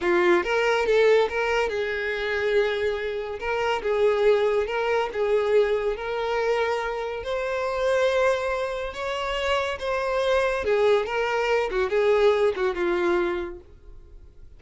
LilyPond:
\new Staff \with { instrumentName = "violin" } { \time 4/4 \tempo 4 = 141 f'4 ais'4 a'4 ais'4 | gis'1 | ais'4 gis'2 ais'4 | gis'2 ais'2~ |
ais'4 c''2.~ | c''4 cis''2 c''4~ | c''4 gis'4 ais'4. fis'8 | gis'4. fis'8 f'2 | }